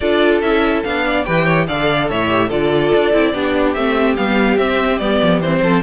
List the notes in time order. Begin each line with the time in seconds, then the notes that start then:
0.00 D4 F4 A4 D5
0.41 C#4 E4 E5
0.83 B3 D4 F5
1.05 D5
1.24 E3 G4 B4 G5
1.44 C#5
1.67 D3 A4 D5 F5
2.09 A2 C#5 E5
2.28 G4
2.48 D3 F4 A4 D5
2.94 D4
3.13 C4 E4
3.33 B3 D4 G4
3.73 A3 C4 E5
4.16 G3 B3 F5
4.57 C4 E5
4.98 G3 B3 D5
5.22 F3
5.40 E3 C4 C5
5.62 F3 A4